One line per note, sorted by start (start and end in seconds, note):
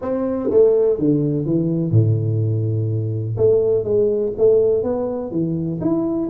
0.01 0.49 C4
0.50 0.98 A3
0.99 1.45 D3
1.45 1.91 E3
1.91 3.36 A2
3.37 3.84 A3
3.84 4.32 G#3
4.37 4.83 A3
4.83 5.31 B3
5.31 5.79 E3
5.80 6.29 E4